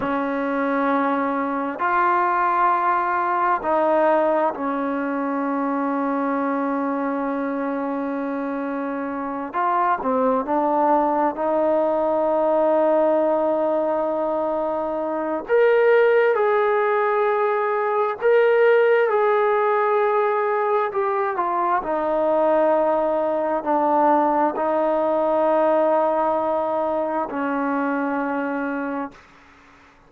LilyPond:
\new Staff \with { instrumentName = "trombone" } { \time 4/4 \tempo 4 = 66 cis'2 f'2 | dis'4 cis'2.~ | cis'2~ cis'8 f'8 c'8 d'8~ | d'8 dis'2.~ dis'8~ |
dis'4 ais'4 gis'2 | ais'4 gis'2 g'8 f'8 | dis'2 d'4 dis'4~ | dis'2 cis'2 | }